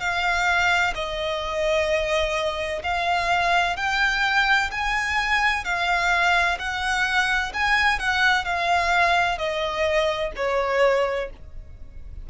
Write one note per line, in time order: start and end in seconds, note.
0.00 0.94 F5
0.95 2.82 D#5
2.83 3.76 F5
3.76 4.70 G5
4.71 5.64 G#5
5.64 6.58 F5
6.58 7.52 F#5
7.53 7.99 G#5
7.99 8.45 F#5
8.45 9.38 F5
9.38 10.32 D#5
10.36 11.30 C#5